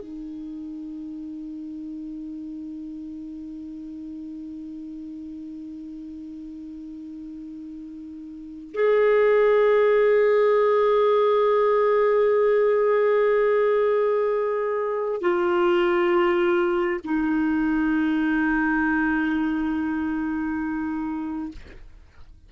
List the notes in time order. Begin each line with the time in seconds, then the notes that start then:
0.00 D#4
8.74 G#4
15.22 F4
17.04 D#4